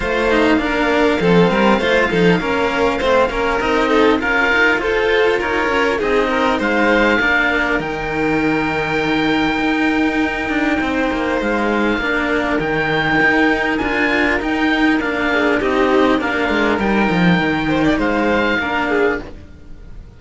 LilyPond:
<<
  \new Staff \with { instrumentName = "oboe" } { \time 4/4 \tempo 4 = 100 f''1~ | f''2 dis''4 f''4 | c''4 cis''4 dis''4 f''4~ | f''4 g''2.~ |
g''2. f''4~ | f''4 g''2 gis''4 | g''4 f''4 dis''4 f''4 | g''2 f''2 | }
  \new Staff \with { instrumentName = "violin" } { \time 4/4 c''4 ais'4 a'8 ais'8 c''8 a'8 | ais'4 c''8 ais'4 a'8 ais'4 | a'4 ais'4 gis'8 ais'8 c''4 | ais'1~ |
ais'2 c''2 | ais'1~ | ais'4. gis'8 g'4 ais'4~ | ais'4. c''16 d''16 c''4 ais'8 gis'8 | }
  \new Staff \with { instrumentName = "cello" } { \time 4/4 f'8 dis'8 d'4 c'4 f'8 dis'8 | cis'4 c'8 cis'8 dis'4 f'4~ | f'2 dis'2 | d'4 dis'2.~ |
dis'1 | d'4 dis'2 f'4 | dis'4 d'4 dis'4 d'4 | dis'2. d'4 | }
  \new Staff \with { instrumentName = "cello" } { \time 4/4 a4 ais4 f8 g8 a8 f8 | ais4 a8 ais8 c'4 cis'8 dis'8 | f'4 dis'8 cis'8 c'4 gis4 | ais4 dis2. |
dis'4. d'8 c'8 ais8 gis4 | ais4 dis4 dis'4 d'4 | dis'4 ais4 c'4 ais8 gis8 | g8 f8 dis4 gis4 ais4 | }
>>